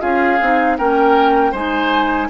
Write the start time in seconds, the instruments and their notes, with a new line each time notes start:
0.00 bassoon C#4, clarinet F4, oboe G#4, flute F5
0.41 bassoon C4, clarinet D#4
0.78 bassoon A#3, clarinet C#4, oboe A#4, flute G5
1.52 bassoon G#3, clarinet D#4, oboe C5, flute G#5